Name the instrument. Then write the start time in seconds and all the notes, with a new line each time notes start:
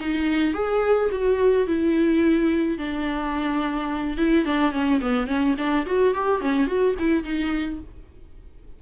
viola
0.00 D#4
0.54 G#4
1.11 F#4
1.67 E4
2.78 D4
4.17 E4
4.46 D4
4.72 C#4
5.01 B3
5.27 C#4
5.58 D4
5.86 F#4
6.14 G4
6.41 C#4
6.67 F#4
6.99 E4
7.24 D#4